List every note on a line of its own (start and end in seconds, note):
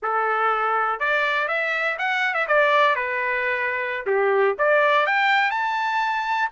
0.02 0.99 A4
0.99 1.48 D5
1.48 1.97 E5
1.98 2.34 F#5
2.34 2.46 E5
2.47 2.95 D5
2.95 4.06 B4
4.06 4.55 G4
4.58 5.06 D5
5.06 5.50 G5
5.50 6.49 A5